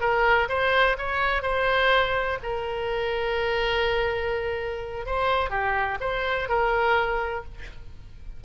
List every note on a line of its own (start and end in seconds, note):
0.00 0.48 A#4
0.49 0.97 C5
0.98 1.42 C#5
1.42 2.38 C5
2.43 5.06 A#4
5.06 5.50 C5
5.50 5.98 G4
6.00 6.48 C5
6.48 7.44 A#4